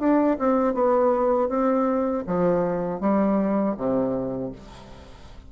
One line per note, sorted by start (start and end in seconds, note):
0.00 0.38 D4
0.39 0.74 C4
0.74 1.49 B3
1.49 2.24 C4
2.27 3.01 F3
3.01 3.76 G3
3.77 4.52 C3